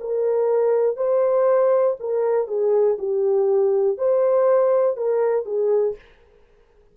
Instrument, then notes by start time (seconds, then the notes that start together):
horn
0.00 A#4
0.97 C5
2.00 A#4
2.47 G#4
2.99 G4
3.97 C5
4.96 A#4
5.45 G#4